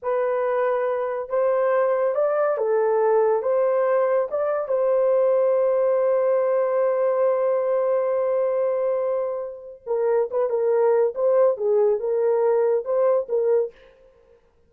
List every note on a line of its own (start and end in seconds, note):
0.02 1.29 B4
1.29 2.14 C5
2.14 2.57 D5
2.57 3.42 A4
3.42 4.28 C5
4.30 4.68 D5
4.68 9.82 C5
9.86 10.29 A#4
10.30 10.49 B4
10.49 11.14 A#4
11.14 11.57 C5
11.57 11.99 G#4
11.99 12.84 A#4
12.84 13.27 C5
13.28 13.71 A#4